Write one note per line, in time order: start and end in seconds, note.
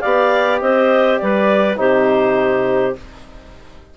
0.00 0.61 B3
0.00 1.76 G4
0.00 0.60 D5
0.00 0.59 F5
0.60 1.20 C4
0.60 1.20 C5
0.60 1.17 D#5
1.17 1.78 G3
1.17 1.79 B4
1.17 1.76 D5
1.76 2.95 C3
1.76 2.93 D#4
1.76 2.97 G4
1.76 2.95 C5